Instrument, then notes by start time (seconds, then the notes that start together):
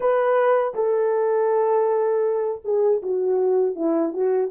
horn
0.00 B4
0.74 A4
2.64 G#4
3.02 F#4
3.75 E4
4.13 F#4